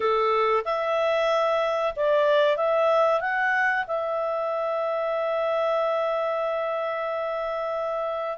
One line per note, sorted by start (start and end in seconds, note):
0.00 0.63 A4
0.64 1.93 E5
1.95 2.57 D5
2.57 3.20 E5
3.20 3.85 F#5
3.87 8.38 E5